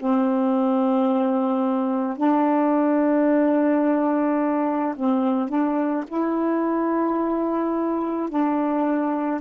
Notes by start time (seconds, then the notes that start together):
0.00 C4
2.18 D4
4.96 C4
5.49 D4
6.08 E4
8.30 D4